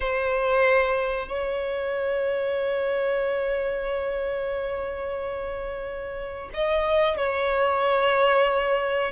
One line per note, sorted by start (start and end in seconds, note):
0.00 1.27 C5
1.27 6.49 C#5
6.53 7.17 D#5
7.17 9.11 C#5